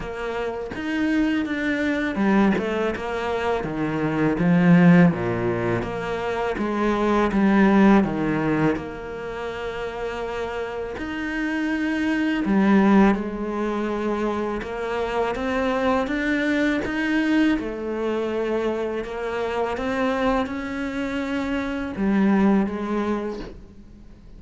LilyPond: \new Staff \with { instrumentName = "cello" } { \time 4/4 \tempo 4 = 82 ais4 dis'4 d'4 g8 a8 | ais4 dis4 f4 ais,4 | ais4 gis4 g4 dis4 | ais2. dis'4~ |
dis'4 g4 gis2 | ais4 c'4 d'4 dis'4 | a2 ais4 c'4 | cis'2 g4 gis4 | }